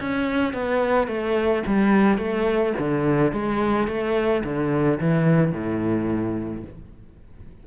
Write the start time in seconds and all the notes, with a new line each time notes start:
0.00 C#4
0.54 B3
1.07 A3
1.67 G3
2.18 A3
2.79 D3
3.32 G#3
3.87 A3
4.44 D3
5.00 E3
5.52 A2